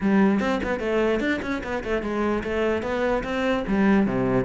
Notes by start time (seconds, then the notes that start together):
0.01 G3
0.39 C4
0.63 B3
0.79 A3
1.20 D4
1.42 C#4
1.63 B3
1.84 A3
2.02 G#3
2.43 A3
2.82 B3
3.23 C4
3.67 G3
4.06 C3